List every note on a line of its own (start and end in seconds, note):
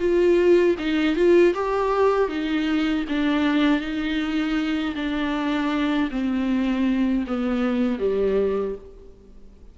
0.00 0.76 F4
0.79 1.16 D#4
1.16 1.54 F4
1.54 2.29 G4
2.29 3.04 D#4
3.09 3.81 D4
3.81 4.95 D#4
4.96 6.10 D4
6.11 7.25 C4
7.27 7.99 B3
7.99 8.75 G3